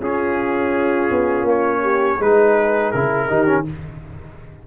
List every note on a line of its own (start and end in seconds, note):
0.00 1.10 C#4
0.00 2.20 C#4
0.00 1.82 F4
0.00 1.49 G#4
1.11 1.41 B3
1.41 2.14 A#3
1.49 2.21 C#5
1.82 2.16 G4
2.16 2.92 G#3
2.16 2.94 D#4
2.16 3.26 G#4
2.16 2.91 B4
2.91 3.30 C#3
2.91 3.29 E4
2.91 3.65 A#4
3.28 3.66 D#3
3.28 3.46 D#4
3.28 3.65 G4
3.46 3.64 C#4